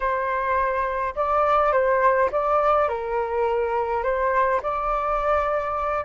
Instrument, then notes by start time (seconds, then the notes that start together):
flute
0.00 C5
1.15 D5
1.72 C5
2.31 D5
2.88 A#4
4.03 C5
4.62 D5